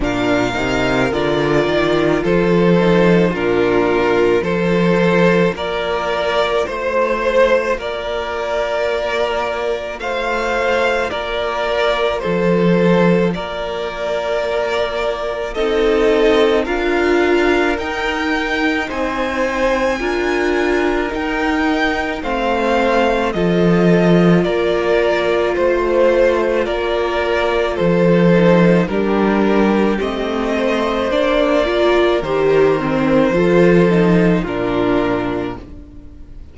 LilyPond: <<
  \new Staff \with { instrumentName = "violin" } { \time 4/4 \tempo 4 = 54 f''4 d''4 c''4 ais'4 | c''4 d''4 c''4 d''4~ | d''4 f''4 d''4 c''4 | d''2 dis''4 f''4 |
g''4 gis''2 g''4 | f''4 dis''4 d''4 c''4 | d''4 c''4 ais'4 dis''4 | d''4 c''2 ais'4 | }
  \new Staff \with { instrumentName = "violin" } { \time 4/4 ais'2 a'4 f'4 | a'4 ais'4 c''4 ais'4~ | ais'4 c''4 ais'4 a'4 | ais'2 a'4 ais'4~ |
ais'4 c''4 ais'2 | c''4 a'4 ais'4 c''4 | ais'4 a'4 g'4. c''8~ | c''8 ais'4. a'4 f'4 | }
  \new Staff \with { instrumentName = "viola" } { \time 4/4 d'8 dis'8 f'4. dis'8 d'4 | f'1~ | f'1~ | f'2 dis'4 f'4 |
dis'2 f'4 dis'4 | c'4 f'2.~ | f'4. dis'8 d'4 c'4 | d'8 f'8 g'8 c'8 f'8 dis'8 d'4 | }
  \new Staff \with { instrumentName = "cello" } { \time 4/4 ais,8 c8 d8 dis8 f4 ais,4 | f4 ais4 a4 ais4~ | ais4 a4 ais4 f4 | ais2 c'4 d'4 |
dis'4 c'4 d'4 dis'4 | a4 f4 ais4 a4 | ais4 f4 g4 a4 | ais4 dis4 f4 ais,4 | }
>>